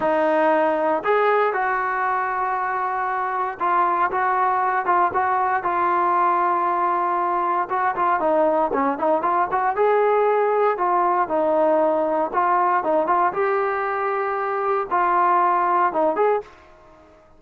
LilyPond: \new Staff \with { instrumentName = "trombone" } { \time 4/4 \tempo 4 = 117 dis'2 gis'4 fis'4~ | fis'2. f'4 | fis'4. f'8 fis'4 f'4~ | f'2. fis'8 f'8 |
dis'4 cis'8 dis'8 f'8 fis'8 gis'4~ | gis'4 f'4 dis'2 | f'4 dis'8 f'8 g'2~ | g'4 f'2 dis'8 gis'8 | }